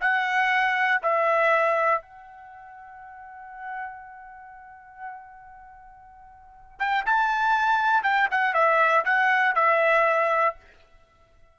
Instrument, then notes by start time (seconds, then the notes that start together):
trumpet
0.00 F#5
1.02 E5
2.01 F#5
6.79 G5
7.05 A5
8.03 G5
8.30 F#5
8.53 E5
9.05 F#5
9.55 E5